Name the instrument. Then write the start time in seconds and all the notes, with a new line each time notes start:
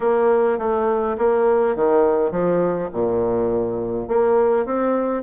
bassoon
0.00 A#3
0.58 A3
1.18 A#3
1.75 D#3
2.31 F3
2.92 A#2
4.08 A#3
4.65 C4